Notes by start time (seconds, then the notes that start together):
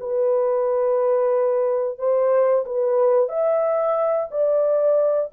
0.00 B4
1.98 C5
2.65 B4
3.29 E5
4.31 D5